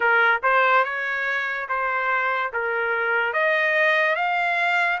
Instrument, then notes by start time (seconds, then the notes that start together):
trumpet
0.00 A#4
0.42 C5
0.84 C#5
1.69 C5
2.52 A#4
3.33 D#5
4.15 F5